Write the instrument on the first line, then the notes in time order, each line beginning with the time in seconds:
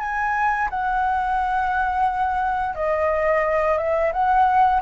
flute
0.00 G#5
0.70 F#5
2.75 D#5
3.78 E5
4.13 F#5